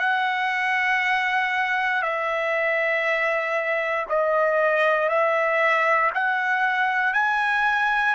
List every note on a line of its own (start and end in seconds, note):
0.00 2.03 F#5
2.03 4.06 E5
4.09 5.09 D#5
5.09 6.11 E5
6.15 7.14 F#5
7.14 8.15 G#5